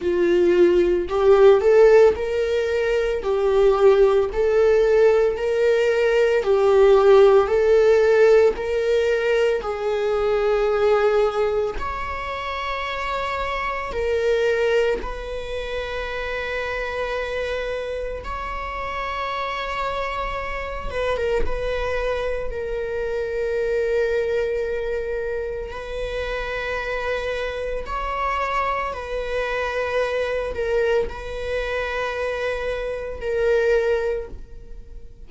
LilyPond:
\new Staff \with { instrumentName = "viola" } { \time 4/4 \tempo 4 = 56 f'4 g'8 a'8 ais'4 g'4 | a'4 ais'4 g'4 a'4 | ais'4 gis'2 cis''4~ | cis''4 ais'4 b'2~ |
b'4 cis''2~ cis''8 b'16 ais'16 | b'4 ais'2. | b'2 cis''4 b'4~ | b'8 ais'8 b'2 ais'4 | }